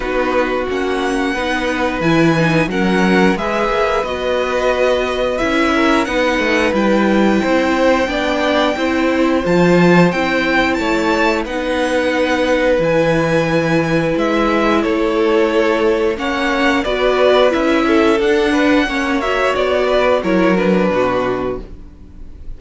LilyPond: <<
  \new Staff \with { instrumentName = "violin" } { \time 4/4 \tempo 4 = 89 b'4 fis''2 gis''4 | fis''4 e''4 dis''2 | e''4 fis''4 g''2~ | g''2 a''4 g''4 |
a''4 fis''2 gis''4~ | gis''4 e''4 cis''2 | fis''4 d''4 e''4 fis''4~ | fis''8 e''8 d''4 cis''8 b'4. | }
  \new Staff \with { instrumentName = "violin" } { \time 4/4 fis'2 b'2 | ais'4 b'2.~ | b'8 ais'8 b'2 c''4 | d''4 c''2. |
cis''4 b'2.~ | b'2 a'2 | cis''4 b'4. a'4 b'8 | cis''4. b'8 ais'4 fis'4 | }
  \new Staff \with { instrumentName = "viola" } { \time 4/4 dis'4 cis'4 dis'4 e'8 dis'8 | cis'4 gis'4 fis'2 | e'4 dis'4 e'2 | d'4 e'4 f'4 e'4~ |
e'4 dis'2 e'4~ | e'1 | cis'4 fis'4 e'4 d'4 | cis'8 fis'4. e'8 d'4. | }
  \new Staff \with { instrumentName = "cello" } { \time 4/4 b4 ais4 b4 e4 | fis4 gis8 ais8 b2 | cis'4 b8 a8 g4 c'4 | b4 c'4 f4 c'4 |
a4 b2 e4~ | e4 gis4 a2 | ais4 b4 cis'4 d'4 | ais4 b4 fis4 b,4 | }
>>